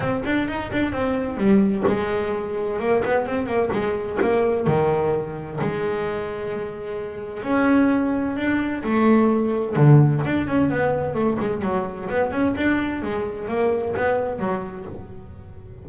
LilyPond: \new Staff \with { instrumentName = "double bass" } { \time 4/4 \tempo 4 = 129 c'8 d'8 dis'8 d'8 c'4 g4 | gis2 ais8 b8 c'8 ais8 | gis4 ais4 dis2 | gis1 |
cis'2 d'4 a4~ | a4 d4 d'8 cis'8 b4 | a8 gis8 fis4 b8 cis'8 d'4 | gis4 ais4 b4 fis4 | }